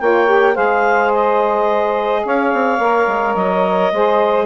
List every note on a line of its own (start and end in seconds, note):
0.00 0.57 A#3
0.00 0.27 F4
0.00 0.54 C#5
0.00 0.56 G5
0.27 0.54 G4
0.54 2.25 G#3
0.54 2.79 G#4
0.54 2.23 C5
0.54 1.12 F5
1.14 2.26 D#5
2.25 2.54 C#4
2.25 3.94 C#5
2.25 3.35 F5
2.54 2.79 C4
2.79 3.07 A#3
2.79 3.93 A#4
3.08 3.36 G#3
3.35 3.92 F#3
3.35 4.46 D#5
3.93 4.46 G#3
3.93 4.46 G#4
3.93 4.46 C5